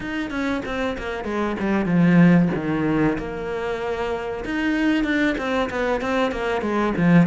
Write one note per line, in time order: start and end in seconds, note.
0.00 0.30 D#4
0.30 0.61 C#4
0.65 0.96 C4
0.98 1.24 A#3
1.24 1.56 G#3
1.59 1.85 G3
1.85 2.49 F3
2.54 3.18 D#3
3.18 4.44 A#3
4.44 5.04 D#4
5.04 5.35 D4
5.38 5.69 C4
5.70 6.01 B3
6.01 6.31 C4
6.31 6.61 A#3
6.61 6.93 G#3
6.97 7.27 F3